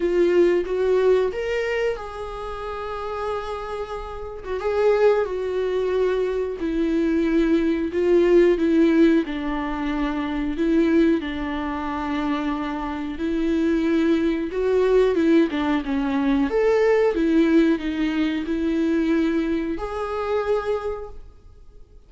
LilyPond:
\new Staff \with { instrumentName = "viola" } { \time 4/4 \tempo 4 = 91 f'4 fis'4 ais'4 gis'4~ | gis'2~ gis'8. fis'16 gis'4 | fis'2 e'2 | f'4 e'4 d'2 |
e'4 d'2. | e'2 fis'4 e'8 d'8 | cis'4 a'4 e'4 dis'4 | e'2 gis'2 | }